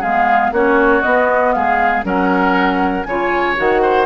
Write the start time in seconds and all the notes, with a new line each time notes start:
0.00 G#3 B3 G#4 F5
0.52 A#3 C#4 F#4 C#5
1.02 B3 D#5
1.53 G#3 G#4 F5
2.03 F#3 C#4 A#4 F#5
3.04 C#3 F4 C#5 G#5
3.56 D#3 F#4 F#5
3.82 C5